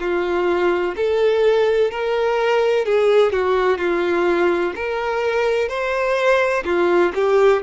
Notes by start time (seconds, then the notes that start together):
0.00 F4
0.97 A4
1.91 A#4
2.86 G#4
3.32 F#4
3.78 F4
4.75 A#4
5.69 C5
6.65 F4
7.15 G4